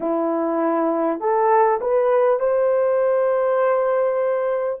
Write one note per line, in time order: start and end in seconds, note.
0.00 1.19 E4
1.19 1.79 A4
1.81 2.39 B4
2.39 4.79 C5